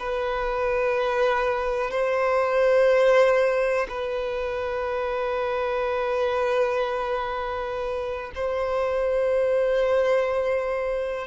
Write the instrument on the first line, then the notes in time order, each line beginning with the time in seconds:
violin
0.00 B4
1.91 C5
3.89 B4
8.36 C5